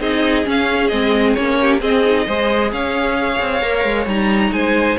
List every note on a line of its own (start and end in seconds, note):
0.00 0.45 C4
0.00 0.44 D#4
0.00 1.58 G#4
0.00 0.46 D#5
0.44 0.90 C#4
0.44 0.92 C#4
0.44 0.88 F5
0.88 1.37 G#3
0.88 1.37 C4
0.88 1.33 D#5
1.34 1.82 A#3
1.34 1.80 C#4
1.34 1.80 C#5
1.61 1.81 G4
1.80 2.02 C4
1.80 2.27 C4
1.80 2.26 G#4
1.80 2.71 D#5
2.05 2.28 D#4
2.26 2.72 G#3
2.26 3.62 G#4
2.26 2.71 C5
2.72 3.40 C#4
2.72 4.54 C#5
2.72 4.08 F5
3.40 3.62 C4
3.62 3.85 A#3
3.62 4.07 A#4
3.85 4.06 G#3
4.06 4.51 G3
4.06 4.98 D#4
4.06 4.53 A#5
4.52 4.97 G#3
4.52 4.98 C5
4.52 4.98 G#5